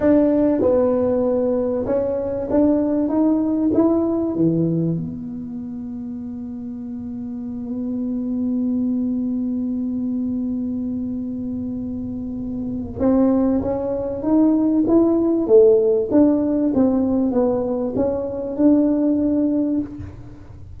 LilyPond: \new Staff \with { instrumentName = "tuba" } { \time 4/4 \tempo 4 = 97 d'4 b2 cis'4 | d'4 dis'4 e'4 e4 | b1~ | b1~ |
b1~ | b4 c'4 cis'4 dis'4 | e'4 a4 d'4 c'4 | b4 cis'4 d'2 | }